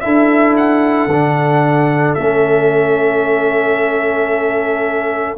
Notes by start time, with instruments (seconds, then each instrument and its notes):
0.00 tuba D4, trombone E4, horn A4, trumpet E5
0.56 trumpet F#5
1.06 tuba D3, trombone D4
2.14 tuba A3, trombone C#4, trumpet E5